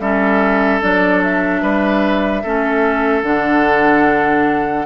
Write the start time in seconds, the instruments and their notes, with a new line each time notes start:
0.00 bassoon G3, clarinet C#4, oboe A4, flute E5
0.81 bassoon F#3, clarinet D4, flute D5
1.23 flute E5
1.62 bassoon G3, oboe B4
2.43 bassoon A3, clarinet C#4, oboe A4
3.23 bassoon D3, clarinet D4, flute F#5